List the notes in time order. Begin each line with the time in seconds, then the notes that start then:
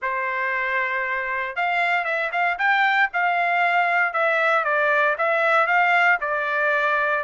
0.01 C5
1.55 F5
2.04 E5
2.32 F5
2.58 G5
3.13 F5
4.13 E5
4.64 D5
5.17 E5
5.66 F5
6.20 D5